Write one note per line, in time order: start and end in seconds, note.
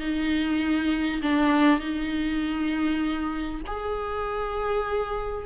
0.00 1.21 D#4
1.22 1.80 D4
1.80 3.61 D#4
3.67 5.46 G#4